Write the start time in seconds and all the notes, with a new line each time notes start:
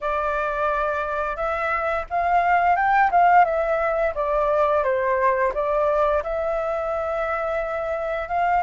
0.00 D5
1.36 E5
2.09 F5
2.76 G5
3.11 F5
3.45 E5
4.14 D5
4.83 C5
5.54 D5
6.23 E5
8.28 F5